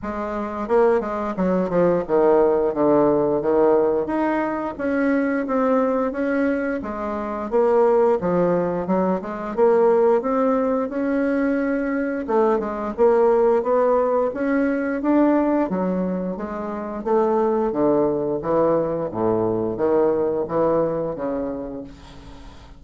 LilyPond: \new Staff \with { instrumentName = "bassoon" } { \time 4/4 \tempo 4 = 88 gis4 ais8 gis8 fis8 f8 dis4 | d4 dis4 dis'4 cis'4 | c'4 cis'4 gis4 ais4 | f4 fis8 gis8 ais4 c'4 |
cis'2 a8 gis8 ais4 | b4 cis'4 d'4 fis4 | gis4 a4 d4 e4 | a,4 dis4 e4 cis4 | }